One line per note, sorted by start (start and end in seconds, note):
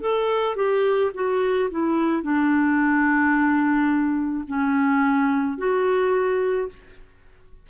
0.00 0.56 A4
0.56 1.11 G4
1.14 1.70 F#4
1.70 2.22 E4
2.22 4.44 D4
4.47 5.58 C#4
5.58 6.69 F#4